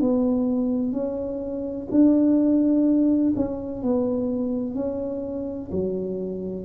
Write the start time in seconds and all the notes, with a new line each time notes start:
0.00 B3
0.92 C#4
1.90 D4
3.36 C#4
3.82 B3
4.74 C#4
5.71 F#3